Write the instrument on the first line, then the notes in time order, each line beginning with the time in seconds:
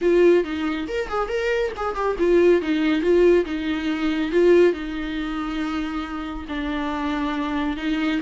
viola
0.01 F4
0.44 D#4
0.88 A#4
1.09 G#4
1.28 A#4
1.76 G#4
1.95 G4
2.19 F4
2.61 D#4
3.01 F4
3.45 D#4
4.31 F4
4.72 D#4
6.48 D4
7.76 D#4